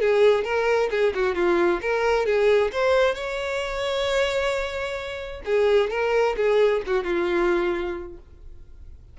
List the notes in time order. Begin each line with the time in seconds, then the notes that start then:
0.00 G#4
0.44 A#4
0.90 G#4
1.14 F#4
1.35 F4
1.81 A#4
2.25 G#4
2.72 C5
3.14 C#5
5.44 G#4
5.90 A#4
6.36 G#4
6.86 F#4
7.03 F4